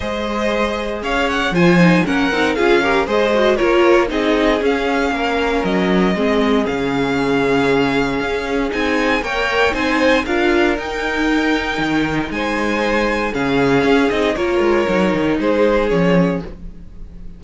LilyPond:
<<
  \new Staff \with { instrumentName = "violin" } { \time 4/4 \tempo 4 = 117 dis''2 f''8 fis''8 gis''4 | fis''4 f''4 dis''4 cis''4 | dis''4 f''2 dis''4~ | dis''4 f''2.~ |
f''4 gis''4 g''4 gis''4 | f''4 g''2. | gis''2 f''4. dis''8 | cis''2 c''4 cis''4 | }
  \new Staff \with { instrumentName = "violin" } { \time 4/4 c''2 cis''4 c''4 | ais'4 gis'8 ais'8 c''4 ais'4 | gis'2 ais'2 | gis'1~ |
gis'2 cis''4 c''4 | ais'1 | c''2 gis'2 | ais'2 gis'2 | }
  \new Staff \with { instrumentName = "viola" } { \time 4/4 gis'2. f'8 dis'8 | cis'8 dis'8 f'8 g'8 gis'8 fis'8 f'4 | dis'4 cis'2. | c'4 cis'2.~ |
cis'4 dis'4 ais'4 dis'4 | f'4 dis'2.~ | dis'2 cis'4. dis'8 | f'4 dis'2 cis'4 | }
  \new Staff \with { instrumentName = "cello" } { \time 4/4 gis2 cis'4 f4 | ais8 c'8 cis'4 gis4 ais4 | c'4 cis'4 ais4 fis4 | gis4 cis2. |
cis'4 c'4 ais4 c'4 | d'4 dis'2 dis4 | gis2 cis4 cis'8 c'8 | ais8 gis8 fis8 dis8 gis4 f4 | }
>>